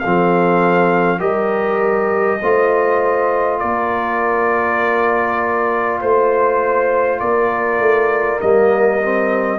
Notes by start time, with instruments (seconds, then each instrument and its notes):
0.00 trombone C4, horn A4, trumpet F5
0.06 tuba F3
1.19 tuba G3, trombone G4, horn A#4, trumpet D#5
2.42 tuba A3, trombone F4, horn C5
3.60 tuba A#3, horn A#4, trumpet D5
6.01 tuba A3, horn C5, trumpet C5
7.20 tuba A#3, horn A#4, trumpet D5
7.79 tuba A3
8.41 tuba G3, trombone A#3, trumpet D#5
9.03 trombone C4